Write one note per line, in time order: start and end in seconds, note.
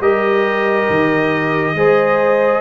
0.00 0.87 G3
0.00 1.76 G4
0.00 1.76 A#4
0.00 2.61 D#5
0.89 1.74 D#3
1.74 2.61 G#3
1.74 2.61 G#4
1.74 2.61 C5